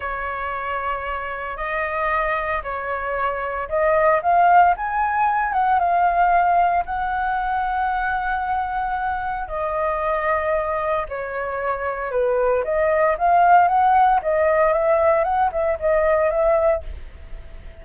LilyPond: \new Staff \with { instrumentName = "flute" } { \time 4/4 \tempo 4 = 114 cis''2. dis''4~ | dis''4 cis''2 dis''4 | f''4 gis''4. fis''8 f''4~ | f''4 fis''2.~ |
fis''2 dis''2~ | dis''4 cis''2 b'4 | dis''4 f''4 fis''4 dis''4 | e''4 fis''8 e''8 dis''4 e''4 | }